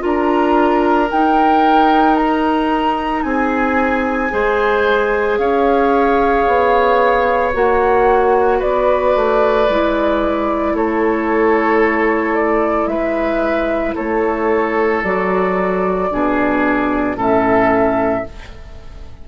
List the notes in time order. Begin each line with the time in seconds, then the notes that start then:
0.00 D4 F4 A#4
0.06 A#5
1.11 D#4 G5
2.16 A#5
3.23 C4 G#4 G#5
4.30 G#3 G#4 C5
5.38 C#4 C#5 F5
6.48 B3
7.53 A#3 F#4 F#5
8.59 B3 B4 D5
9.15 A3
9.69 G#3 E4
10.73 A3 A4 C#5
12.35 D5
12.87 G#3 B4 E5
13.95 A3 A4 C#5
15.04 F#3 F#4 D5
16.10 B2 D4 G#4
17.16 A2 C#4 A4 E5